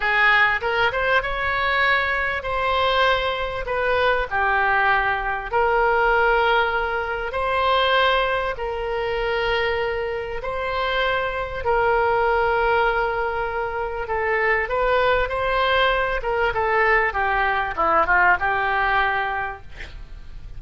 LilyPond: \new Staff \with { instrumentName = "oboe" } { \time 4/4 \tempo 4 = 98 gis'4 ais'8 c''8 cis''2 | c''2 b'4 g'4~ | g'4 ais'2. | c''2 ais'2~ |
ais'4 c''2 ais'4~ | ais'2. a'4 | b'4 c''4. ais'8 a'4 | g'4 e'8 f'8 g'2 | }